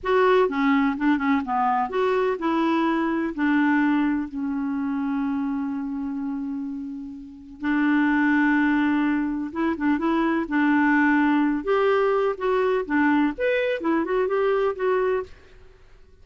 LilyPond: \new Staff \with { instrumentName = "clarinet" } { \time 4/4 \tempo 4 = 126 fis'4 cis'4 d'8 cis'8 b4 | fis'4 e'2 d'4~ | d'4 cis'2.~ | cis'1 |
d'1 | e'8 d'8 e'4 d'2~ | d'8 g'4. fis'4 d'4 | b'4 e'8 fis'8 g'4 fis'4 | }